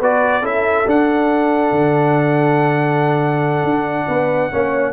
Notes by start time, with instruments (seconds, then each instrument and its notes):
0.00 tuba B3, trombone F#4, horn B4, trumpet D5
0.42 tuba C#4, trombone E4, horn A4, trumpet E5
0.87 tuba D4, trombone D4, trumpet F#5
1.72 tuba D3
3.64 tuba D4
4.08 tuba B3, horn B4
4.52 tuba A#3, trombone C#4, horn C#5